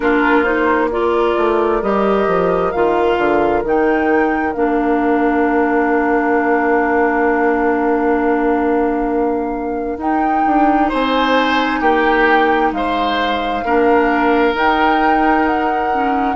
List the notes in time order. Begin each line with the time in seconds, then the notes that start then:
0.00 A#3 D4 F4 A#4
0.43 D#4 C5
0.91 F4 A#4 D5
1.37 A3
1.81 G3 G4 D#5
2.27 F3
2.71 D#3 F4 F5
3.17 D3
3.63 D#3 D#4 G5
4.53 A#3 D4 F5
9.97 D#4 G5
10.46 D4
10.88 C4 C5 G#5
11.80 A#3 G4 G5
12.71 G#3 C5 F5
13.64 A#3 D4 A#4
14.53 D#4 G5
15.47 F#5
15.91 C#4